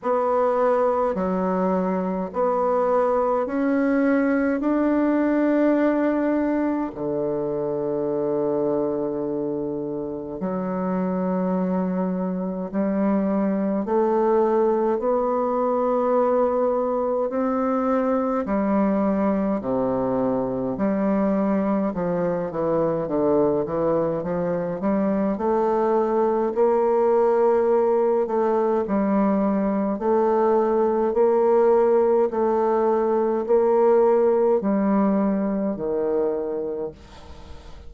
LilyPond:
\new Staff \with { instrumentName = "bassoon" } { \time 4/4 \tempo 4 = 52 b4 fis4 b4 cis'4 | d'2 d2~ | d4 fis2 g4 | a4 b2 c'4 |
g4 c4 g4 f8 e8 | d8 e8 f8 g8 a4 ais4~ | ais8 a8 g4 a4 ais4 | a4 ais4 g4 dis4 | }